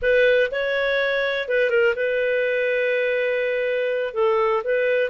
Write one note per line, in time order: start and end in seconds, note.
0.02 0.50 B4
0.51 1.48 C#5
1.48 1.70 B4
1.70 1.94 A#4
1.95 4.14 B4
4.14 4.63 A4
4.63 5.10 B4